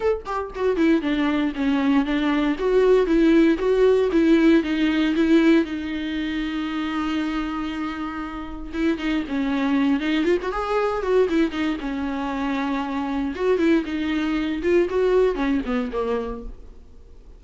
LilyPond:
\new Staff \with { instrumentName = "viola" } { \time 4/4 \tempo 4 = 117 a'8 g'8 fis'8 e'8 d'4 cis'4 | d'4 fis'4 e'4 fis'4 | e'4 dis'4 e'4 dis'4~ | dis'1~ |
dis'4 e'8 dis'8 cis'4. dis'8 | f'16 fis'16 gis'4 fis'8 e'8 dis'8 cis'4~ | cis'2 fis'8 e'8 dis'4~ | dis'8 f'8 fis'4 cis'8 b8 ais4 | }